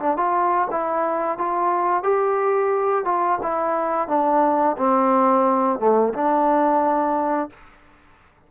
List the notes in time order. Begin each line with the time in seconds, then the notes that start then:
0.00 D4
0.17 F4
0.71 E4
1.39 F4
2.03 G4
3.05 F4
3.43 E4
4.08 D4
4.78 C4
5.80 A3
6.14 D4